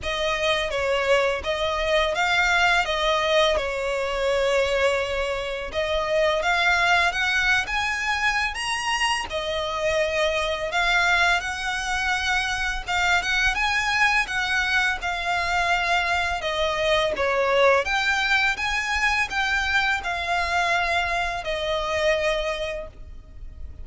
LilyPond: \new Staff \with { instrumentName = "violin" } { \time 4/4 \tempo 4 = 84 dis''4 cis''4 dis''4 f''4 | dis''4 cis''2. | dis''4 f''4 fis''8. gis''4~ gis''16 | ais''4 dis''2 f''4 |
fis''2 f''8 fis''8 gis''4 | fis''4 f''2 dis''4 | cis''4 g''4 gis''4 g''4 | f''2 dis''2 | }